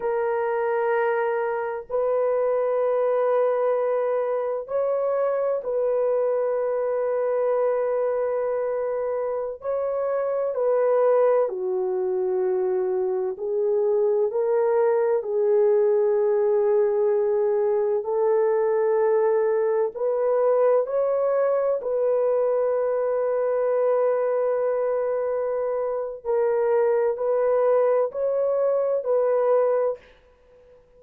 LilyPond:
\new Staff \with { instrumentName = "horn" } { \time 4/4 \tempo 4 = 64 ais'2 b'2~ | b'4 cis''4 b'2~ | b'2~ b'16 cis''4 b'8.~ | b'16 fis'2 gis'4 ais'8.~ |
ais'16 gis'2. a'8.~ | a'4~ a'16 b'4 cis''4 b'8.~ | b'1 | ais'4 b'4 cis''4 b'4 | }